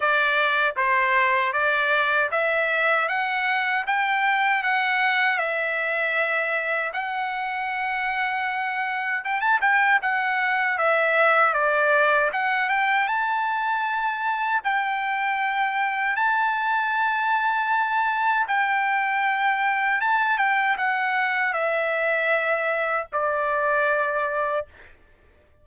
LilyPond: \new Staff \with { instrumentName = "trumpet" } { \time 4/4 \tempo 4 = 78 d''4 c''4 d''4 e''4 | fis''4 g''4 fis''4 e''4~ | e''4 fis''2. | g''16 a''16 g''8 fis''4 e''4 d''4 |
fis''8 g''8 a''2 g''4~ | g''4 a''2. | g''2 a''8 g''8 fis''4 | e''2 d''2 | }